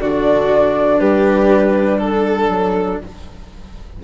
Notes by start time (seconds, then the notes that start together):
0.00 D3 D4 F#4 D5
1.00 G3 G4 B4
1.99 A4
2.48 F#3